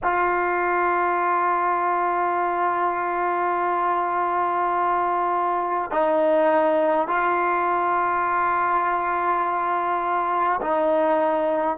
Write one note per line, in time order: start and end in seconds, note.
0.03 5.91 F4
5.91 7.07 D#4
7.07 10.60 F4
10.61 11.77 D#4